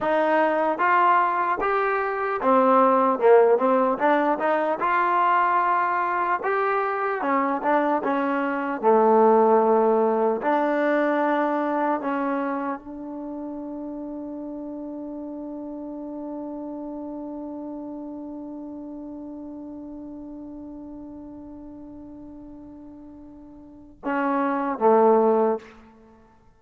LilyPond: \new Staff \with { instrumentName = "trombone" } { \time 4/4 \tempo 4 = 75 dis'4 f'4 g'4 c'4 | ais8 c'8 d'8 dis'8 f'2 | g'4 cis'8 d'8 cis'4 a4~ | a4 d'2 cis'4 |
d'1~ | d'1~ | d'1~ | d'2 cis'4 a4 | }